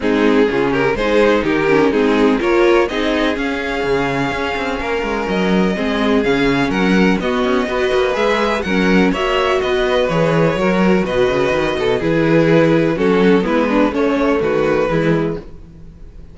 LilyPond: <<
  \new Staff \with { instrumentName = "violin" } { \time 4/4 \tempo 4 = 125 gis'4. ais'8 c''4 ais'4 | gis'4 cis''4 dis''4 f''4~ | f''2. dis''4~ | dis''4 f''4 fis''4 dis''4~ |
dis''4 e''4 fis''4 e''4 | dis''4 cis''2 dis''4~ | dis''4 b'2 a'4 | b'4 cis''4 b'2 | }
  \new Staff \with { instrumentName = "violin" } { \time 4/4 dis'4 f'8 g'8 gis'4 g'4 | dis'4 ais'4 gis'2~ | gis'2 ais'2 | gis'2 ais'4 fis'4 |
b'2 ais'4 cis''4 | b'2 ais'4 b'4~ | b'8 a'8 gis'2 fis'4 | e'8 d'8 cis'4 fis'4 e'4 | }
  \new Staff \with { instrumentName = "viola" } { \time 4/4 c'4 cis'4 dis'4. cis'8 | c'4 f'4 dis'4 cis'4~ | cis'1 | c'4 cis'2 b4 |
fis'4 gis'4 cis'4 fis'4~ | fis'4 gis'4 fis'2~ | fis'4 e'2 cis'4 | b4 a2 gis4 | }
  \new Staff \with { instrumentName = "cello" } { \time 4/4 gis4 cis4 gis4 dis4 | gis4 ais4 c'4 cis'4 | cis4 cis'8 c'8 ais8 gis8 fis4 | gis4 cis4 fis4 b8 cis'8 |
b8 ais8 gis4 fis4 ais4 | b4 e4 fis4 b,8 cis8 | dis8 b,8 e2 fis4 | gis4 a4 dis4 e4 | }
>>